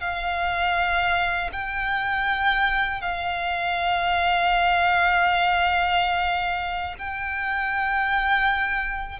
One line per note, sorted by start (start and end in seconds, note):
0.00 1.50 F5
1.52 3.01 G5
3.01 6.95 F5
6.98 9.19 G5